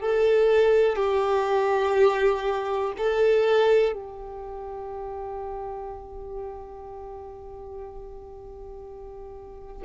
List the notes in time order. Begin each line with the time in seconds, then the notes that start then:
0.00 A4
0.96 G4
2.97 A4
3.92 G4